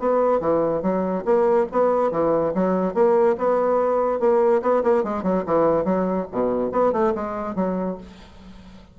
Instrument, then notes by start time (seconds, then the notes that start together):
bassoon
0.00 B3
0.41 E3
0.83 F#3
1.25 A#3
1.72 B3
2.12 E3
2.55 F#3
2.95 A#3
3.38 B3
4.20 A#3
4.63 B3
4.84 A#3
5.04 G#3
5.24 F#3
5.47 E3
5.85 F#3
6.32 B2
6.72 B3
6.93 A3
7.16 G#3
7.56 F#3